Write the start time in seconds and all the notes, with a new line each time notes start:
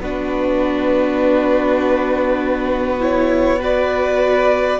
0.00 B3 D4 F#4 B4
3.00 E4 C#5
3.60 F#4 B4 D5